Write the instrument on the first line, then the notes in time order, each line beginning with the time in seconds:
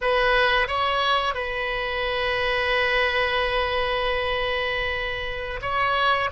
oboe
0.01 B4
0.67 C#5
1.34 B4
5.61 C#5